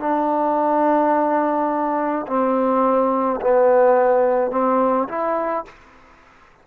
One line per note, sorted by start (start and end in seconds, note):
0.00 2.26 D4
2.27 3.40 C4
3.41 4.51 B3
4.51 5.08 C4
5.08 5.65 E4